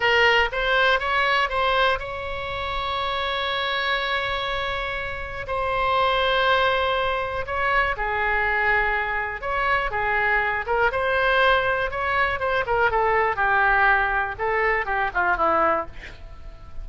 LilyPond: \new Staff \with { instrumentName = "oboe" } { \time 4/4 \tempo 4 = 121 ais'4 c''4 cis''4 c''4 | cis''1~ | cis''2. c''4~ | c''2. cis''4 |
gis'2. cis''4 | gis'4. ais'8 c''2 | cis''4 c''8 ais'8 a'4 g'4~ | g'4 a'4 g'8 f'8 e'4 | }